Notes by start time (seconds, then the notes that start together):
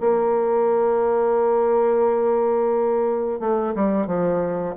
0.00 A#3
3.40 A3
3.75 G3
4.06 F3